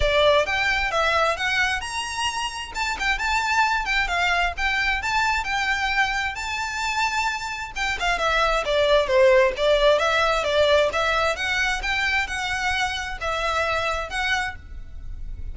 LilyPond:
\new Staff \with { instrumentName = "violin" } { \time 4/4 \tempo 4 = 132 d''4 g''4 e''4 fis''4 | ais''2 a''8 g''8 a''4~ | a''8 g''8 f''4 g''4 a''4 | g''2 a''2~ |
a''4 g''8 f''8 e''4 d''4 | c''4 d''4 e''4 d''4 | e''4 fis''4 g''4 fis''4~ | fis''4 e''2 fis''4 | }